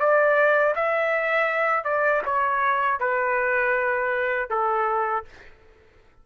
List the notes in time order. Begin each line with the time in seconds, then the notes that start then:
0.00 D5
0.76 E5
1.84 D5
2.26 C#5
3.00 B4
4.50 A4